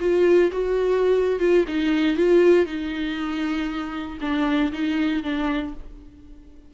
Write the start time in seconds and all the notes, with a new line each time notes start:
0.00 F4
0.52 F#4
1.39 F4
1.68 D#4
2.16 F4
2.66 D#4
4.21 D4
4.72 D#4
5.23 D4